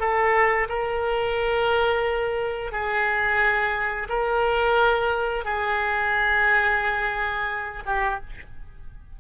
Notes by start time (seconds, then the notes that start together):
0.00 A4
0.69 A#4
2.72 G#4
4.09 A#4
5.45 G#4
7.86 G4